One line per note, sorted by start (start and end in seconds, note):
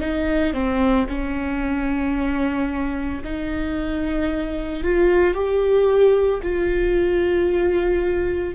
0.00 0.53 D#4
0.53 1.07 C4
1.09 3.23 C#4
3.24 4.83 D#4
4.83 5.34 F4
5.34 6.41 G4
6.42 8.55 F4